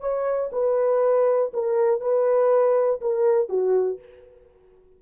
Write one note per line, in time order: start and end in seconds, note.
0.00 0.50 C#5
0.52 1.52 B4
1.53 2.00 A#4
2.00 3.00 B4
3.01 3.49 A#4
3.49 3.99 F#4